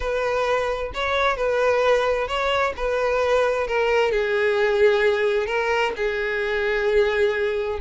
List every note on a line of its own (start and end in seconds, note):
0.00 0.92 B4
0.93 1.36 C#5
1.36 2.27 B4
2.27 2.73 C#5
2.76 3.67 B4
3.67 4.11 A#4
4.11 5.46 G#4
5.46 5.92 A#4
5.96 7.79 G#4